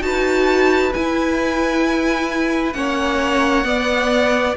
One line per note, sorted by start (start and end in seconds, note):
0.00 0.91 D#4
0.00 0.91 F#4
0.00 2.77 B4
0.00 0.93 A5
0.93 2.74 E4
0.93 2.73 G#5
2.73 3.65 A#3
2.73 3.64 C#4
2.73 3.66 C#5
2.73 4.55 F#5
3.64 4.55 B3
3.64 4.56 B3
3.64 4.57 D5